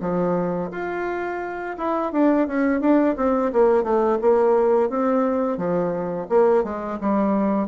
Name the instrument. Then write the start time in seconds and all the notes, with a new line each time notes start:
bassoon
0.00 F3
0.71 F4
1.78 E4
2.12 D4
2.48 C#4
2.81 D4
3.17 C4
3.53 A#3
3.83 A3
4.21 A#3
4.89 C4
5.58 F3
6.29 A#3
6.64 G#3
7.01 G3